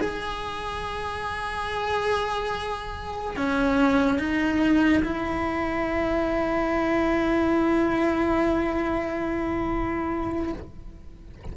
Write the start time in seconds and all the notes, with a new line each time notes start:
0.00 G#4
3.36 C#4
4.18 D#4
5.03 E4